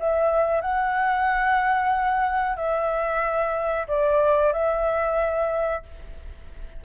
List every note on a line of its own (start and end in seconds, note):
0.00 0.62 E5
0.62 2.57 F#5
2.57 3.87 E5
3.88 4.53 D5
4.53 5.84 E5